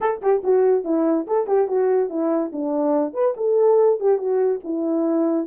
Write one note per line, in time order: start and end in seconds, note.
0.00 0.21 A4
0.21 0.42 G4
0.43 0.84 F#4
0.84 1.26 E4
1.27 1.47 A4
1.47 1.68 G4
1.68 2.09 F#4
2.09 2.51 E4
2.52 3.13 D4
3.13 3.34 B4
3.37 4.00 A4
4.00 4.18 G4
4.18 4.60 F#4
4.64 5.47 E4